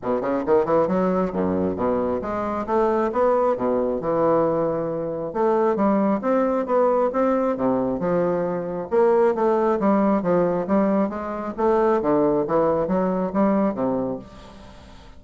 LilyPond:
\new Staff \with { instrumentName = "bassoon" } { \time 4/4 \tempo 4 = 135 b,8 cis8 dis8 e8 fis4 fis,4 | b,4 gis4 a4 b4 | b,4 e2. | a4 g4 c'4 b4 |
c'4 c4 f2 | ais4 a4 g4 f4 | g4 gis4 a4 d4 | e4 fis4 g4 c4 | }